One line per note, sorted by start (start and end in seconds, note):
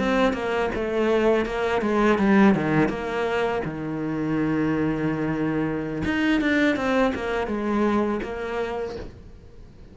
0.00 0.34 C4
0.34 0.71 A#3
0.75 1.46 A3
1.46 1.82 A#3
1.82 2.19 G#3
2.19 2.55 G3
2.55 2.89 D#3
2.89 3.62 A#3
3.66 6.03 D#3
6.05 6.42 D#4
6.42 6.77 D4
6.77 7.13 C4
7.15 7.48 A#3
7.48 8.21 G#3
8.24 8.97 A#3